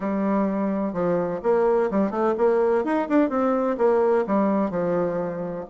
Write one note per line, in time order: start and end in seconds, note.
0.00 0.93 G3
0.93 1.40 F3
1.43 1.90 A#3
1.90 2.10 G3
2.10 2.34 A3
2.37 2.84 A#3
2.84 3.08 D#4
3.08 3.29 D4
3.29 3.76 C4
3.77 4.25 A#3
4.26 4.70 G3
4.70 5.65 F3